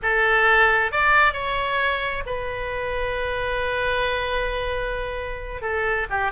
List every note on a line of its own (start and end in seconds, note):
0.02 0.91 A4
0.91 1.33 D5
1.33 2.23 C#5
2.26 5.61 B4
5.61 6.07 A4
6.10 6.31 G4